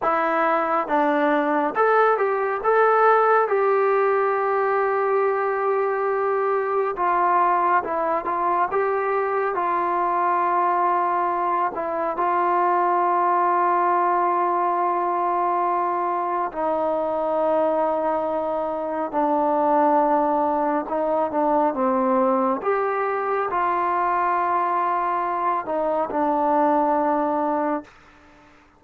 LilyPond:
\new Staff \with { instrumentName = "trombone" } { \time 4/4 \tempo 4 = 69 e'4 d'4 a'8 g'8 a'4 | g'1 | f'4 e'8 f'8 g'4 f'4~ | f'4. e'8 f'2~ |
f'2. dis'4~ | dis'2 d'2 | dis'8 d'8 c'4 g'4 f'4~ | f'4. dis'8 d'2 | }